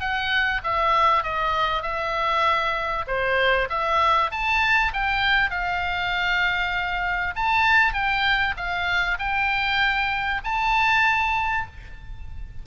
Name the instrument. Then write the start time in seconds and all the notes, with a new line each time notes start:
oboe
0.00 F#5
0.64 E5
1.24 D#5
1.83 E5
3.08 C5
3.70 E5
4.31 A5
4.93 G5
5.51 F5
7.36 A5
7.93 G5
8.57 F5
9.19 G5
10.44 A5